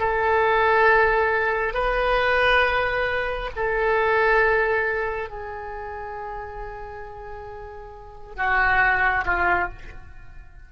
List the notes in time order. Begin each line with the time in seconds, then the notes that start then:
0.00 A4
1.74 B4
3.56 A4
5.30 G#4
8.37 F#4
9.25 F4